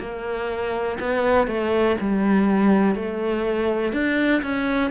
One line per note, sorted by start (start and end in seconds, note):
0.00 0.98 A#3
1.00 1.47 B3
1.47 1.96 A3
2.00 2.95 G3
2.95 3.93 A3
3.93 4.42 D4
4.43 4.91 C#4